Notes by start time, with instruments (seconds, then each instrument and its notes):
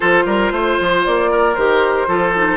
0.00 bassoon F3, clarinet F4, oboe A4, flute C5
0.25 bassoon G3, oboe A#4
0.51 bassoon A3, oboe C5
0.80 bassoon F3
1.05 bassoon A#3, flute D5
1.31 oboe A#4
1.54 bassoon D#3, clarinet G4, flute C5
2.07 bassoon F3, clarinet F4, oboe A4
2.35 clarinet D#4